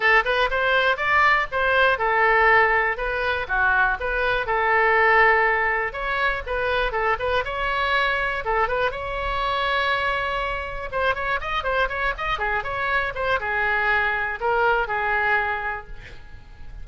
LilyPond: \new Staff \with { instrumentName = "oboe" } { \time 4/4 \tempo 4 = 121 a'8 b'8 c''4 d''4 c''4 | a'2 b'4 fis'4 | b'4 a'2. | cis''4 b'4 a'8 b'8 cis''4~ |
cis''4 a'8 b'8 cis''2~ | cis''2 c''8 cis''8 dis''8 c''8 | cis''8 dis''8 gis'8 cis''4 c''8 gis'4~ | gis'4 ais'4 gis'2 | }